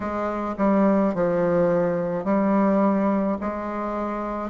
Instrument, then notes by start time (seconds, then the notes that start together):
bassoon
0.00 G#3
0.57 G3
1.14 F3
2.24 G3
3.41 G#3